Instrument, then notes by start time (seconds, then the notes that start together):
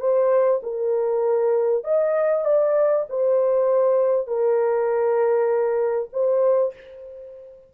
horn
0.00 C5
0.63 A#4
1.84 D#5
2.45 D5
3.09 C5
4.27 A#4
6.13 C5